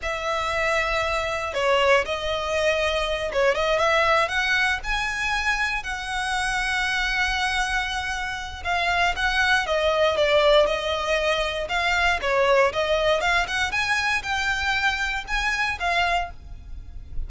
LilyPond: \new Staff \with { instrumentName = "violin" } { \time 4/4 \tempo 4 = 118 e''2. cis''4 | dis''2~ dis''8 cis''8 dis''8 e''8~ | e''8 fis''4 gis''2 fis''8~ | fis''1~ |
fis''4 f''4 fis''4 dis''4 | d''4 dis''2 f''4 | cis''4 dis''4 f''8 fis''8 gis''4 | g''2 gis''4 f''4 | }